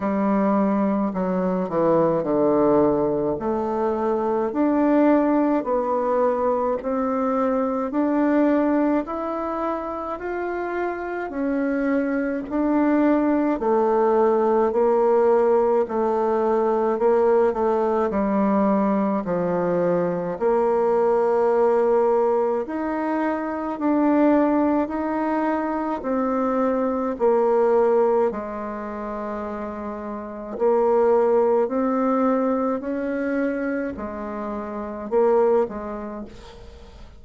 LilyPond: \new Staff \with { instrumentName = "bassoon" } { \time 4/4 \tempo 4 = 53 g4 fis8 e8 d4 a4 | d'4 b4 c'4 d'4 | e'4 f'4 cis'4 d'4 | a4 ais4 a4 ais8 a8 |
g4 f4 ais2 | dis'4 d'4 dis'4 c'4 | ais4 gis2 ais4 | c'4 cis'4 gis4 ais8 gis8 | }